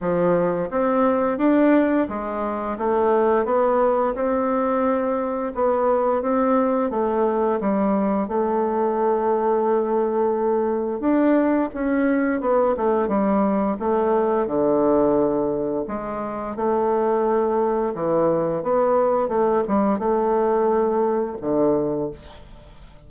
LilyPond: \new Staff \with { instrumentName = "bassoon" } { \time 4/4 \tempo 4 = 87 f4 c'4 d'4 gis4 | a4 b4 c'2 | b4 c'4 a4 g4 | a1 |
d'4 cis'4 b8 a8 g4 | a4 d2 gis4 | a2 e4 b4 | a8 g8 a2 d4 | }